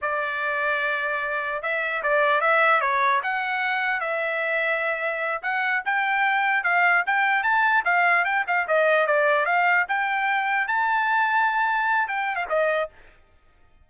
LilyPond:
\new Staff \with { instrumentName = "trumpet" } { \time 4/4 \tempo 4 = 149 d''1 | e''4 d''4 e''4 cis''4 | fis''2 e''2~ | e''4. fis''4 g''4.~ |
g''8 f''4 g''4 a''4 f''8~ | f''8 g''8 f''8 dis''4 d''4 f''8~ | f''8 g''2 a''4.~ | a''2 g''8. f''16 dis''4 | }